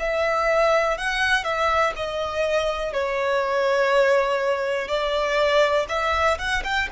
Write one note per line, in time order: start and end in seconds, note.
0.00 0.97 E5
0.97 1.44 F#5
1.44 1.93 E5
1.96 2.93 D#5
2.93 4.88 C#5
4.88 5.87 D5
5.89 6.38 E5
6.38 6.63 F#5
6.64 6.89 G5